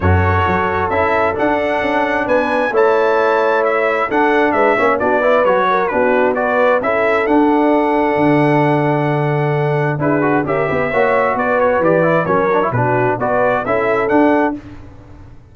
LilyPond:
<<
  \new Staff \with { instrumentName = "trumpet" } { \time 4/4 \tempo 4 = 132 cis''2 e''4 fis''4~ | fis''4 gis''4 a''2 | e''4 fis''4 e''4 d''4 | cis''4 b'4 d''4 e''4 |
fis''1~ | fis''2 b'4 e''4~ | e''4 d''8 cis''8 d''4 cis''4 | b'4 d''4 e''4 fis''4 | }
  \new Staff \with { instrumentName = "horn" } { \time 4/4 a'1~ | a'4 b'4 cis''2~ | cis''4 a'4 b'8 cis''8 fis'8 b'8~ | b'8 ais'8 fis'4 b'4 a'4~ |
a'1~ | a'2 gis'4 ais'8 b'8 | cis''4 b'2 ais'4 | fis'4 b'4 a'2 | }
  \new Staff \with { instrumentName = "trombone" } { \time 4/4 fis'2 e'4 d'4~ | d'2 e'2~ | e'4 d'4. cis'8 d'8 e'8 | fis'4 d'4 fis'4 e'4 |
d'1~ | d'2 e'8 fis'8 g'4 | fis'2 g'8 e'8 cis'8 d'16 e'16 | d'4 fis'4 e'4 d'4 | }
  \new Staff \with { instrumentName = "tuba" } { \time 4/4 fis,4 fis4 cis'4 d'4 | cis'4 b4 a2~ | a4 d'4 gis8 ais8 b4 | fis4 b2 cis'4 |
d'2 d2~ | d2 d'4 cis'8 b8 | ais4 b4 e4 fis4 | b,4 b4 cis'4 d'4 | }
>>